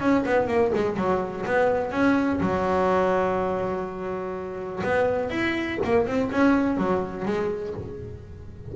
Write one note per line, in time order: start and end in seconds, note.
0.00 0.24 C#4
0.26 0.48 B3
0.48 0.72 A#3
0.75 0.97 G#3
0.97 1.45 F#3
1.46 1.91 B3
1.91 2.39 C#4
2.40 4.82 F#3
4.84 5.30 B3
5.30 5.78 E4
5.84 6.06 A#3
6.06 6.30 C4
6.31 6.77 C#4
6.77 7.25 F#3
7.25 7.74 G#3